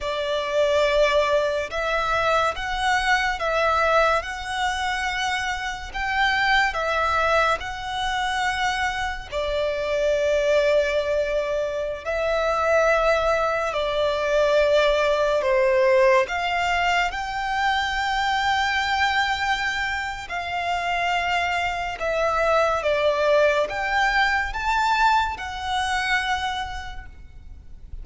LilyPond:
\new Staff \with { instrumentName = "violin" } { \time 4/4 \tempo 4 = 71 d''2 e''4 fis''4 | e''4 fis''2 g''4 | e''4 fis''2 d''4~ | d''2~ d''16 e''4.~ e''16~ |
e''16 d''2 c''4 f''8.~ | f''16 g''2.~ g''8. | f''2 e''4 d''4 | g''4 a''4 fis''2 | }